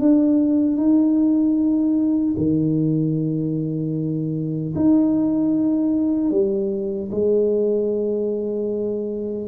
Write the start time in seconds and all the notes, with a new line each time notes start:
0.00 D4
0.77 D#4
2.37 D#3
4.76 D#4
6.31 G3
7.12 G#3